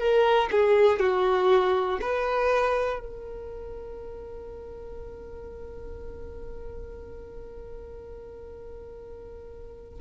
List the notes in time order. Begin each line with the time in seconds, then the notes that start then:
0.00 A#4
0.51 G#4
1.00 F#4
2.01 B4
3.00 A#4